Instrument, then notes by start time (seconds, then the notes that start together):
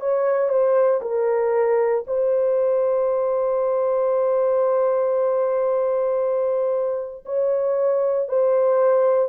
horn
0.00 C#5
0.49 C5
1.01 A#4
2.07 C5
7.25 C#5
8.29 C5